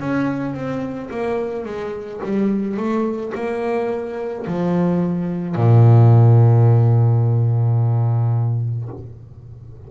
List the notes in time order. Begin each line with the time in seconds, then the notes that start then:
0.00 C#4
0.54 C4
1.11 A#3
1.66 G#3
2.24 G3
2.78 A3
3.35 A#3
4.47 F3
5.56 A#2